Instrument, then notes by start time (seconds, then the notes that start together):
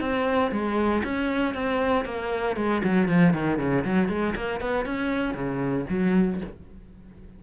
cello
0.00 C4
0.51 G#3
1.04 C#4
1.54 C4
2.05 A#3
2.56 G#3
2.84 F#3
3.08 F3
3.33 D#3
3.58 C#3
3.84 F#3
4.08 G#3
4.35 A#3
4.60 B3
4.85 C#4
5.34 C#3
5.89 F#3